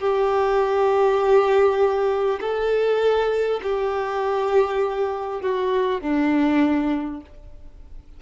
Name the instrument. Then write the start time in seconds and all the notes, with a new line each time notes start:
violin
0.00 G4
2.41 A4
3.63 G4
5.42 F#4
6.01 D4